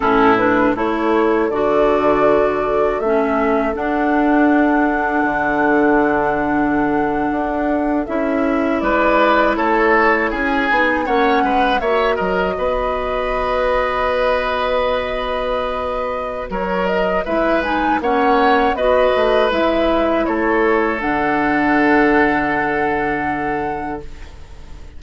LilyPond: <<
  \new Staff \with { instrumentName = "flute" } { \time 4/4 \tempo 4 = 80 a'8 b'8 cis''4 d''2 | e''4 fis''2.~ | fis''2~ fis''8. e''4 d''16~ | d''8. cis''4 gis''4 fis''4 e''16~ |
e''16 dis''2.~ dis''8.~ | dis''2 cis''8 dis''8 e''8 gis''8 | fis''4 dis''4 e''4 cis''4 | fis''1 | }
  \new Staff \with { instrumentName = "oboe" } { \time 4/4 e'4 a'2.~ | a'1~ | a'2.~ a'8. b'16~ | b'8. a'4 gis'4 cis''8 b'8 cis''16~ |
cis''16 ais'8 b'2.~ b'16~ | b'2 ais'4 b'4 | cis''4 b'2 a'4~ | a'1 | }
  \new Staff \with { instrumentName = "clarinet" } { \time 4/4 cis'8 d'8 e'4 fis'2 | cis'4 d'2.~ | d'2~ d'8. e'4~ e'16~ | e'2~ e'16 dis'8 cis'4 fis'16~ |
fis'1~ | fis'2. e'8 dis'8 | cis'4 fis'4 e'2 | d'1 | }
  \new Staff \with { instrumentName = "bassoon" } { \time 4/4 a,4 a4 d2 | a4 d'2 d4~ | d4.~ d16 d'4 cis'4 gis16~ | gis8. a4 cis'8 b8 ais8 gis8 ais16~ |
ais16 fis8 b2.~ b16~ | b2 fis4 gis4 | ais4 b8 a8 gis4 a4 | d1 | }
>>